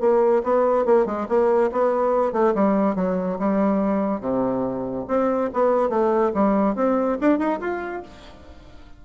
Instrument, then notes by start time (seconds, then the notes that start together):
bassoon
0.00 A#3
0.43 B3
0.85 A#3
1.06 G#3
1.28 A#3
1.72 B3
2.32 A3
2.54 G3
2.95 F#3
3.38 G3
4.20 C3
5.07 C4
5.53 B3
5.89 A3
6.34 G3
6.75 C4
7.21 D4
7.38 D#4
7.60 F4